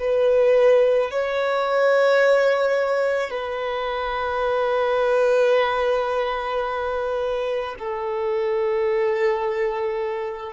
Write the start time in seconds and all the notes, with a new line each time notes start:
0.00 B4
1.11 C#5
3.31 B4
7.79 A4